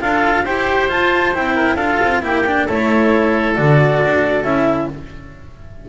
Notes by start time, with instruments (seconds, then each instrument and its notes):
0.00 double bass D4, cello F4, oboe A4, clarinet F5
0.44 double bass E4, cello G4, oboe C5, clarinet G5
0.88 cello F4, double bass F4, clarinet A5
1.33 double bass C4, cello E4, clarinet G5
1.55 oboe A#4
1.75 double bass D4, cello F4, oboe A4, clarinet F5
2.02 double bass C4
2.22 double bass A#3, cello E4, oboe G4, clarinet G5
2.46 cello D4
2.65 double bass A3, cello E4, oboe A4, clarinet C#5
3.55 double bass D3, cello F#4, clarinet D5
4.05 double bass D4
4.43 double bass C#4, cello E4, clarinet E5